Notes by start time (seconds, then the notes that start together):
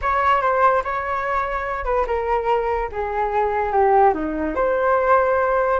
0.01 C#5
0.41 C5
0.84 C#5
1.84 B4
2.06 A#4
2.92 G#4
3.72 G4
4.14 D#4
4.55 C5